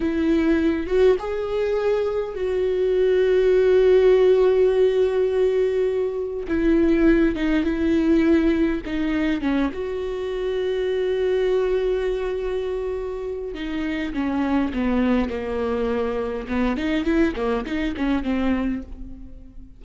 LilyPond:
\new Staff \with { instrumentName = "viola" } { \time 4/4 \tempo 4 = 102 e'4. fis'8 gis'2 | fis'1~ | fis'2. e'4~ | e'8 dis'8 e'2 dis'4 |
cis'8 fis'2.~ fis'8~ | fis'2. dis'4 | cis'4 b4 ais2 | b8 dis'8 e'8 ais8 dis'8 cis'8 c'4 | }